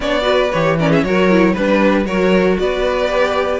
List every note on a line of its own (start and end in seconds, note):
0.00 0.51 B3
0.00 0.22 D4
0.00 0.22 C#5
0.00 0.51 D5
0.22 0.47 F#4
0.22 0.74 B4
0.51 1.03 E3
0.51 0.79 G4
0.51 0.77 C#5
0.78 1.05 C#4
0.78 0.90 A#4
0.78 0.92 D5
0.90 1.03 G#4
0.90 1.03 E5
1.03 1.55 F#3
1.03 1.30 F#4
1.03 1.52 A#4
1.03 1.54 C#5
1.30 1.56 E4
1.52 2.05 G3
1.52 2.05 D4
1.52 2.04 B4
1.52 2.05 B4
2.05 2.57 F#3
2.05 3.08 F#4
2.05 2.58 A#4
2.05 2.57 C#5
2.58 3.59 B3
2.58 3.59 B4
2.58 3.59 D5
3.08 3.59 G4